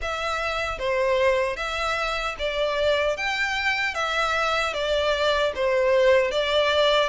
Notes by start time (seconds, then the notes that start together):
0.01 E5
0.78 C5
1.56 E5
2.38 D5
3.17 G5
3.94 E5
4.73 D5
5.55 C5
6.31 D5